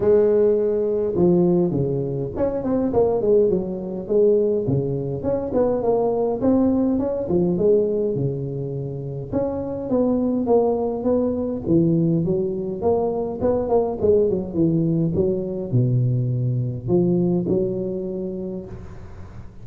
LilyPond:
\new Staff \with { instrumentName = "tuba" } { \time 4/4 \tempo 4 = 103 gis2 f4 cis4 | cis'8 c'8 ais8 gis8 fis4 gis4 | cis4 cis'8 b8 ais4 c'4 | cis'8 f8 gis4 cis2 |
cis'4 b4 ais4 b4 | e4 fis4 ais4 b8 ais8 | gis8 fis8 e4 fis4 b,4~ | b,4 f4 fis2 | }